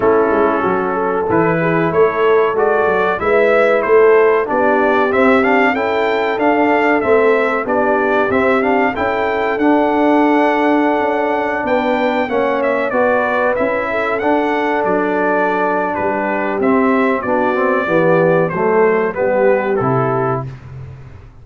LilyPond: <<
  \new Staff \with { instrumentName = "trumpet" } { \time 4/4 \tempo 4 = 94 a'2 b'4 cis''4 | d''4 e''4 c''4 d''4 | e''8 f''8 g''4 f''4 e''4 | d''4 e''8 f''8 g''4 fis''4~ |
fis''2~ fis''16 g''4 fis''8 e''16~ | e''16 d''4 e''4 fis''4 d''8.~ | d''4 b'4 e''4 d''4~ | d''4 c''4 b'4 a'4 | }
  \new Staff \with { instrumentName = "horn" } { \time 4/4 e'4 fis'8 a'4 gis'8 a'4~ | a'4 b'4 a'4 g'4~ | g'4 a'2. | g'2 a'2~ |
a'2~ a'16 b'4 cis''8.~ | cis''16 b'4. a'2~ a'16~ | a'4 g'2 fis'4 | g'4 a'4 g'2 | }
  \new Staff \with { instrumentName = "trombone" } { \time 4/4 cis'2 e'2 | fis'4 e'2 d'4 | c'8 d'8 e'4 d'4 c'4 | d'4 c'8 d'8 e'4 d'4~ |
d'2.~ d'16 cis'8.~ | cis'16 fis'4 e'4 d'4.~ d'16~ | d'2 c'4 d'8 c'8 | b4 a4 b4 e'4 | }
  \new Staff \with { instrumentName = "tuba" } { \time 4/4 a8 gis8 fis4 e4 a4 | gis8 fis8 gis4 a4 b4 | c'4 cis'4 d'4 a4 | b4 c'4 cis'4 d'4~ |
d'4~ d'16 cis'4 b4 ais8.~ | ais16 b4 cis'4 d'4 fis8.~ | fis4 g4 c'4 b4 | e4 fis4 g4 c4 | }
>>